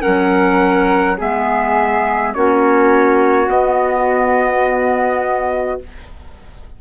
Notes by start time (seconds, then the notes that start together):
0.00 F#3 C#4 A#4 F#5
1.17 G#3 B3 G#4 E5
2.34 A#3 C#4 F#4 C#5
3.47 B3 D#5